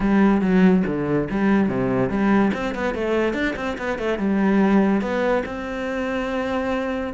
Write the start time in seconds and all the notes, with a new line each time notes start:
0.00 G3
0.41 F#3
0.86 D3
1.30 G3
1.68 C3
2.09 G3
2.53 C4
2.74 B3
2.94 A3
3.33 D4
3.56 C4
3.78 B3
3.98 A3
4.18 G3
5.01 B3
5.45 C4